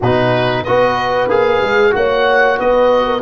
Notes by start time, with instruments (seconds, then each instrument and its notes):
0.00 tuba B2, trombone D#4, horn F#4, oboe B4
0.63 tuba B3, trombone F#4, horn B4, oboe D#5
1.28 tuba A#3, trombone G#4, oboe F5
1.62 tuba G#3
1.90 tuba A#3, trombone F#4, horn C#5, oboe F#5
2.57 tuba B3, horn B4, oboe D#5
3.05 horn A#4